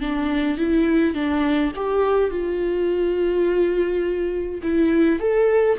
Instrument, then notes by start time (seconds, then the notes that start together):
viola
0.00 D4
0.57 E4
1.14 D4
1.75 G4
2.30 F4
4.62 E4
5.19 A4